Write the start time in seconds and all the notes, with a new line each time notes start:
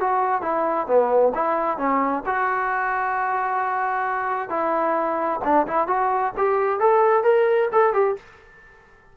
0.00 F#4
0.41 E4
0.87 B3
1.35 E4
1.78 C#4
2.25 F#4
4.49 E4
5.44 D4
5.67 E4
5.87 F#4
6.37 G4
6.80 A4
7.23 A#4
7.72 A4
7.93 G4